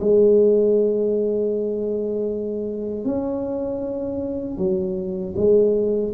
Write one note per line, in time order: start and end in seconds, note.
0.00 3.05 G#3
3.05 4.58 C#4
4.58 5.35 F#3
5.36 6.13 G#3